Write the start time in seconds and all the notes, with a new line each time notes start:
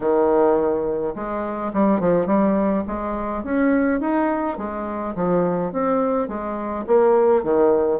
0.00 D#3
1.15 G#3
1.73 G3
1.99 F3
2.26 G3
2.87 G#3
3.43 C#4
4.00 D#4
4.57 G#3
5.15 F3
5.72 C4
6.28 G#3
6.86 A#3
7.43 D#3